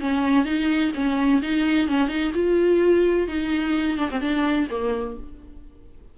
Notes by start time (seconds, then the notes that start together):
0.00 C#4
0.45 D#4
0.94 C#4
1.42 D#4
1.88 C#4
2.08 D#4
2.34 F4
3.28 D#4
3.98 D4
4.10 C4
4.21 D4
4.70 A#3